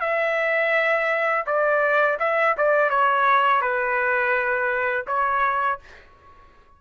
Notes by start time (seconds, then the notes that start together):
0.00 E5
1.46 D5
2.19 E5
2.57 D5
2.89 C#5
3.61 B4
5.07 C#5